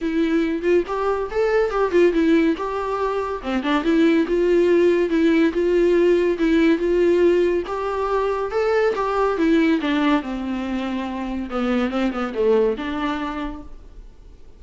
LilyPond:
\new Staff \with { instrumentName = "viola" } { \time 4/4 \tempo 4 = 141 e'4. f'8 g'4 a'4 | g'8 f'8 e'4 g'2 | c'8 d'8 e'4 f'2 | e'4 f'2 e'4 |
f'2 g'2 | a'4 g'4 e'4 d'4 | c'2. b4 | c'8 b8 a4 d'2 | }